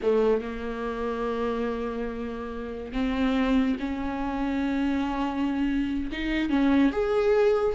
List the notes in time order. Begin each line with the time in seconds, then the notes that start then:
0.02 A3
0.41 A#3
2.92 C4
3.79 C#4
6.11 D#4
6.49 C#4
6.92 G#4